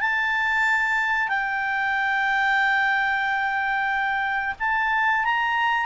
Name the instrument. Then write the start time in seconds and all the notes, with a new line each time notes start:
clarinet
0.00 A5
1.28 G5
4.59 A5
5.25 A#5